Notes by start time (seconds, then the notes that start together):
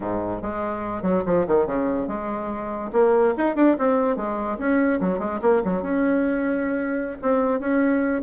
0.00 G#2
0.41 G#3
1.02 F#3
1.25 F3
1.47 D#3
1.66 C#3
2.07 G#3
2.92 A#3
3.37 D#4
3.55 D4
3.78 C4
4.16 G#3
4.58 C#4
5.00 F#3
5.19 G#3
5.41 A#3
5.64 F#3
5.82 C#4
7.22 C4
7.60 C#4